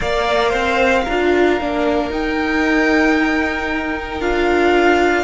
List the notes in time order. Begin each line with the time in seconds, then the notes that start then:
0.00 A#3 A#4 D5 F5
0.49 C4 C5
1.04 D4 F4 A#4
1.60 A#3 D4
2.10 D#4 G5
4.20 D4 F4 F5